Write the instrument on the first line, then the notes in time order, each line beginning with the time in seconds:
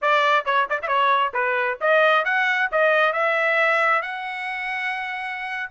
trumpet
0.01 D5
0.45 C#5
0.69 D5
0.82 C#5 E5
1.33 B4
1.81 D#5
2.24 F#5
2.71 D#5
3.12 E5
4.02 F#5